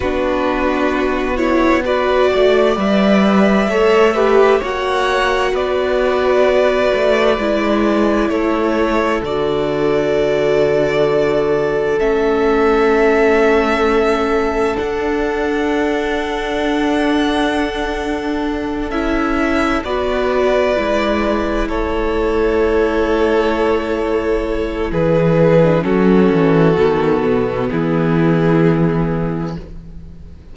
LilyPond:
<<
  \new Staff \with { instrumentName = "violin" } { \time 4/4 \tempo 4 = 65 b'4. cis''8 d''4 e''4~ | e''4 fis''4 d''2~ | d''4 cis''4 d''2~ | d''4 e''2. |
fis''1~ | fis''8 e''4 d''2 cis''8~ | cis''2. b'4 | a'2 gis'2 | }
  \new Staff \with { instrumentName = "violin" } { \time 4/4 fis'2 b'8 d''4. | cis''8 b'8 cis''4 b'2~ | b'4 a'2.~ | a'1~ |
a'1~ | a'4. b'2 a'8~ | a'2. gis'4 | fis'2 e'2 | }
  \new Staff \with { instrumentName = "viola" } { \time 4/4 d'4. e'8 fis'4 b'4 | a'8 g'8 fis'2. | e'2 fis'2~ | fis'4 cis'2. |
d'1~ | d'8 e'4 fis'4 e'4.~ | e'2.~ e'8. d'16 | cis'4 b2. | }
  \new Staff \with { instrumentName = "cello" } { \time 4/4 b2~ b8 a8 g4 | a4 ais4 b4. a8 | gis4 a4 d2~ | d4 a2. |
d'1~ | d'8 cis'4 b4 gis4 a8~ | a2. e4 | fis8 e8 dis8 b,8 e2 | }
>>